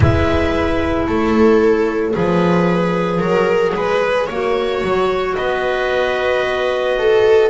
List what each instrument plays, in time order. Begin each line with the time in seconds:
0.00 double bass G#3, clarinet E4 E5, viola B4
1.06 double bass A3, viola A4, clarinet C#5
2.13 double bass F3, clarinet G#4, viola B4
3.19 double bass F#3, viola A#4
3.75 double bass G#3, viola B4
4.26 double bass A#3, clarinet F#4, viola C#5
4.83 double bass F#3
5.35 double bass B3, viola B4, clarinet D#5
6.98 viola A4